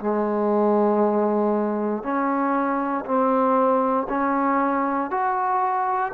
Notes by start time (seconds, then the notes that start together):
0.00 G#3
2.03 C#4
3.06 C4
4.09 C#4
5.11 F#4